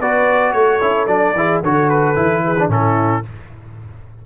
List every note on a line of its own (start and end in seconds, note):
0.00 0.54 B3
0.00 0.81 F#4
0.00 0.54 B4
0.00 0.53 D5
0.53 0.81 A3
0.53 1.36 A4
0.53 1.07 C#5
0.81 1.07 C#4
0.81 1.08 E4
1.07 1.34 F#3
1.07 1.35 D4
1.07 1.61 D5
1.34 1.61 E3
1.34 1.64 E4
1.34 1.63 G#4
1.63 2.17 D3
1.63 2.15 F#4
1.63 2.44 A4
1.63 1.90 C#5
1.90 2.71 B4
2.15 2.68 E3
2.15 2.56 E4
2.45 2.71 G#4
2.59 2.69 D4
2.68 3.22 A2
2.68 3.23 C#4
2.68 3.25 E4
2.68 3.26 A4